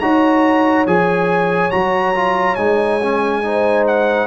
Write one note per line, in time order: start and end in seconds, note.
0.00 0.87 D#4
0.00 0.87 F#4
0.00 3.45 C#5
0.00 0.86 A#5
0.87 1.72 F3
0.87 1.71 G#4
0.87 1.71 G#5
1.71 2.57 F#3
1.71 2.14 F#4
1.71 2.56 A#5
2.15 2.58 F4
2.56 4.27 G#3
2.56 3.01 D#4
2.56 3.84 G#5
3.02 3.44 C#4
3.44 4.27 D#4
3.44 4.27 C5
3.88 4.27 F#5